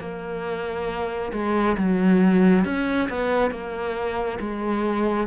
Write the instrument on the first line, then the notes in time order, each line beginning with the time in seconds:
cello
0.00 A#3
1.33 G#3
1.78 F#3
2.65 C#4
3.10 B3
3.51 A#3
4.41 G#3